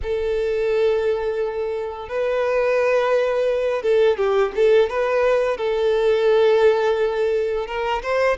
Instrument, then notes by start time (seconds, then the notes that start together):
violin
0.02 A4
2.08 B4
3.82 A4
4.17 G4
4.55 A4
4.89 B4
5.57 A4
7.66 A#4
8.02 C5